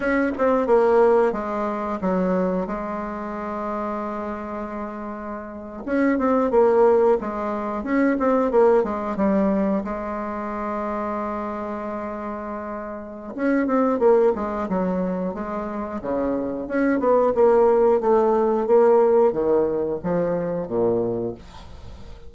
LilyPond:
\new Staff \with { instrumentName = "bassoon" } { \time 4/4 \tempo 4 = 90 cis'8 c'8 ais4 gis4 fis4 | gis1~ | gis8. cis'8 c'8 ais4 gis4 cis'16~ | cis'16 c'8 ais8 gis8 g4 gis4~ gis16~ |
gis1 | cis'8 c'8 ais8 gis8 fis4 gis4 | cis4 cis'8 b8 ais4 a4 | ais4 dis4 f4 ais,4 | }